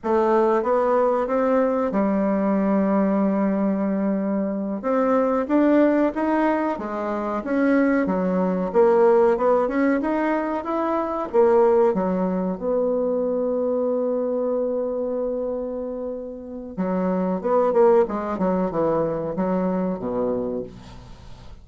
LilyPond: \new Staff \with { instrumentName = "bassoon" } { \time 4/4 \tempo 4 = 93 a4 b4 c'4 g4~ | g2.~ g8 c'8~ | c'8 d'4 dis'4 gis4 cis'8~ | cis'8 fis4 ais4 b8 cis'8 dis'8~ |
dis'8 e'4 ais4 fis4 b8~ | b1~ | b2 fis4 b8 ais8 | gis8 fis8 e4 fis4 b,4 | }